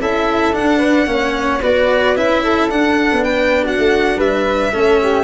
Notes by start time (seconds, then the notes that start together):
0.00 C#4 E4 A4 E5
0.53 D4 F#5
0.78 B4
1.07 A#3 C#4 C#5
1.62 B3 F#4 B4 D5
2.16 C#4 E4 E5
2.44 A4
2.70 D4 F#5
3.13 B3
3.24 B4 G5
3.64 F#4 F#5
3.79 A3
4.17 G3 B4 E5
4.73 A3 C#4 A4
5.03 G4